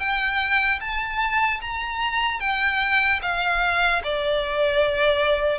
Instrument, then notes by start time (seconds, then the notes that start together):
violin
0.00 G5
0.81 A5
1.61 A#5
2.40 G5
3.23 F5
4.04 D5